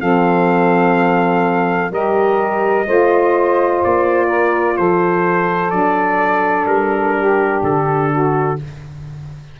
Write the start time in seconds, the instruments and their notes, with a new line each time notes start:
0.00 tuba F3, saxophone C4 A4, trumpet F5
1.91 tuba G3, saxophone G4 A#4, trumpet D#5
2.86 tuba A3, saxophone F4 C5
3.84 tuba A#3, trumpet D5
4.26 saxophone A#4
4.77 tuba F3, saxophone A4, trumpet C5
5.69 tuba F#3, saxophone D4, trumpet D5
6.66 tuba G3, trumpet A#4
7.17 saxophone G4
7.63 tuba D3, trumpet A4
8.12 saxophone F#4